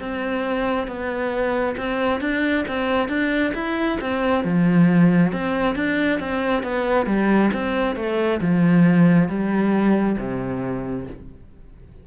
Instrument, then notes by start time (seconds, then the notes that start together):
cello
0.00 C4
0.87 B3
1.77 C4
2.21 D4
2.68 C4
3.08 D4
3.55 E4
4.01 C4
4.44 F3
5.32 C4
5.76 D4
6.20 C4
6.63 B3
7.06 G3
7.54 C4
7.96 A3
8.41 F3
9.28 G3
10.18 C3